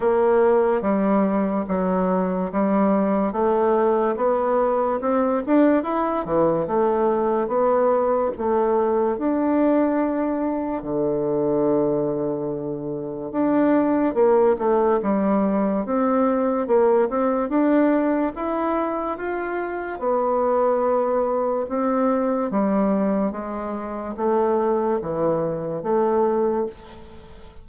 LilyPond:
\new Staff \with { instrumentName = "bassoon" } { \time 4/4 \tempo 4 = 72 ais4 g4 fis4 g4 | a4 b4 c'8 d'8 e'8 e8 | a4 b4 a4 d'4~ | d'4 d2. |
d'4 ais8 a8 g4 c'4 | ais8 c'8 d'4 e'4 f'4 | b2 c'4 g4 | gis4 a4 e4 a4 | }